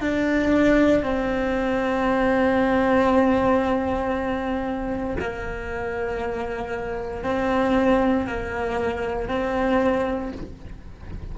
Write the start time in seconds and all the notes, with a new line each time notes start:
0.00 D4
1.03 C4
5.19 A#3
7.23 C4
8.27 A#3
9.28 C4